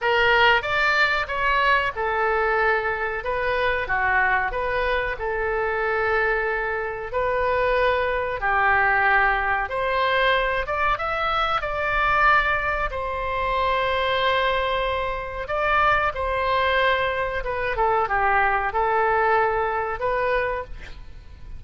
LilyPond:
\new Staff \with { instrumentName = "oboe" } { \time 4/4 \tempo 4 = 93 ais'4 d''4 cis''4 a'4~ | a'4 b'4 fis'4 b'4 | a'2. b'4~ | b'4 g'2 c''4~ |
c''8 d''8 e''4 d''2 | c''1 | d''4 c''2 b'8 a'8 | g'4 a'2 b'4 | }